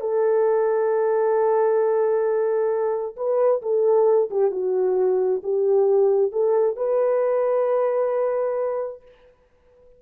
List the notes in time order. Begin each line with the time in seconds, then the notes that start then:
0.00 A4
3.16 B4
3.62 A4
4.30 G4
4.51 F#4
5.43 G4
6.32 A4
6.76 B4